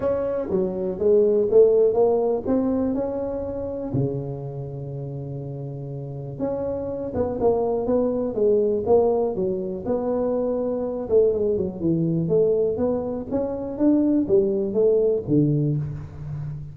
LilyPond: \new Staff \with { instrumentName = "tuba" } { \time 4/4 \tempo 4 = 122 cis'4 fis4 gis4 a4 | ais4 c'4 cis'2 | cis1~ | cis4 cis'4. b8 ais4 |
b4 gis4 ais4 fis4 | b2~ b8 a8 gis8 fis8 | e4 a4 b4 cis'4 | d'4 g4 a4 d4 | }